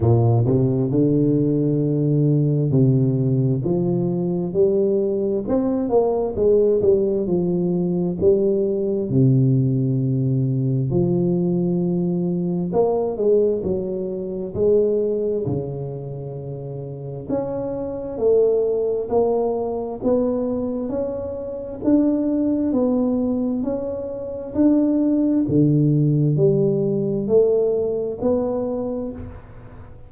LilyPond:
\new Staff \with { instrumentName = "tuba" } { \time 4/4 \tempo 4 = 66 ais,8 c8 d2 c4 | f4 g4 c'8 ais8 gis8 g8 | f4 g4 c2 | f2 ais8 gis8 fis4 |
gis4 cis2 cis'4 | a4 ais4 b4 cis'4 | d'4 b4 cis'4 d'4 | d4 g4 a4 b4 | }